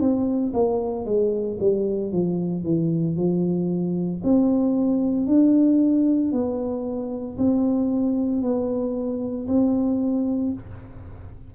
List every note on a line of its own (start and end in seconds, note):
0.00 0.53 C4
0.53 1.05 A#3
1.05 1.58 G#3
1.60 2.11 G3
2.11 2.64 F3
2.64 3.16 E3
3.16 4.22 F3
4.23 5.27 C4
5.27 6.32 D4
6.32 7.37 B3
7.37 8.42 C4
8.42 9.47 B3
9.47 10.53 C4